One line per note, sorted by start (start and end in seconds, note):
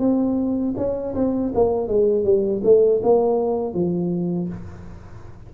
0.00 0.75 C4
0.77 1.15 C#4
1.16 1.53 C4
1.55 1.88 A#3
1.88 2.25 G#3
2.25 2.62 G3
2.64 3.02 A3
3.03 3.74 A#3
3.74 4.49 F3